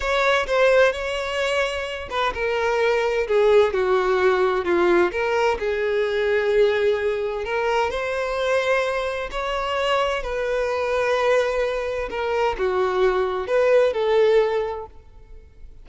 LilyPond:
\new Staff \with { instrumentName = "violin" } { \time 4/4 \tempo 4 = 129 cis''4 c''4 cis''2~ | cis''8 b'8 ais'2 gis'4 | fis'2 f'4 ais'4 | gis'1 |
ais'4 c''2. | cis''2 b'2~ | b'2 ais'4 fis'4~ | fis'4 b'4 a'2 | }